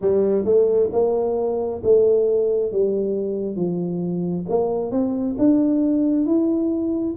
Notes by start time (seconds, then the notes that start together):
0.01 G3
0.44 A3
0.92 A#3
1.84 A3
2.72 G3
3.56 F3
4.49 A#3
4.91 C4
5.38 D4
6.26 E4